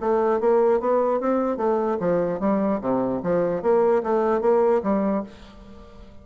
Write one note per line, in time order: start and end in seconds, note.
0.00 0.40 A3
0.40 0.80 A#3
0.80 1.20 B3
1.20 1.57 C4
1.57 1.97 A3
2.00 2.40 F3
2.40 2.80 G3
2.81 3.21 C3
3.23 3.62 F3
3.62 4.02 A#3
4.03 4.41 A3
4.41 4.82 A#3
4.83 5.23 G3